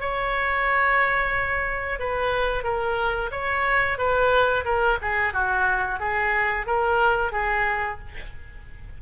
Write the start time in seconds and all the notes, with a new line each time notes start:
0.00 C#5
1.99 B4
2.64 A#4
3.31 C#5
3.98 B4
4.65 A#4
5.02 G#4
5.33 F#4
6.00 G#4
6.66 A#4
7.32 G#4